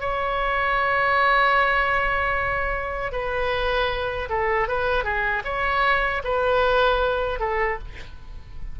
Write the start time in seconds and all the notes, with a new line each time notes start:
0.00 C#5
3.12 B4
4.29 A4
4.68 B4
5.04 G#4
5.44 C#5
6.24 B4
7.39 A4